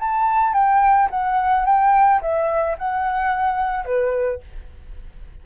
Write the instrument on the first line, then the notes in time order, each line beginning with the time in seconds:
flute
0.00 A5
0.54 G5
1.11 F#5
1.66 G5
2.22 E5
2.79 F#5
3.85 B4